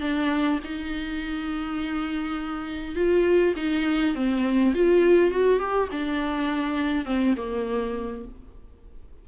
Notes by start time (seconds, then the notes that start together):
0.00 D4
0.63 D#4
2.95 F4
3.56 D#4
4.14 C4
4.74 F4
5.31 F#4
5.59 G4
5.91 D4
7.05 C4
7.36 A#3